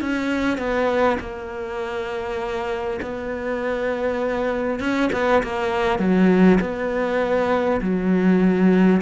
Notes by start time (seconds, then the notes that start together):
0.00 C#4
0.58 B3
1.19 A#3
3.01 B3
4.79 C#4
5.12 B3
5.43 A#3
5.98 F#3
6.60 B3
7.81 F#3